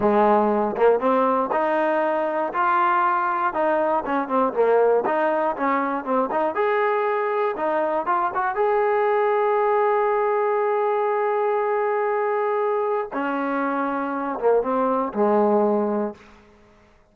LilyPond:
\new Staff \with { instrumentName = "trombone" } { \time 4/4 \tempo 4 = 119 gis4. ais8 c'4 dis'4~ | dis'4 f'2 dis'4 | cis'8 c'8 ais4 dis'4 cis'4 | c'8 dis'8 gis'2 dis'4 |
f'8 fis'8 gis'2.~ | gis'1~ | gis'2 cis'2~ | cis'8 ais8 c'4 gis2 | }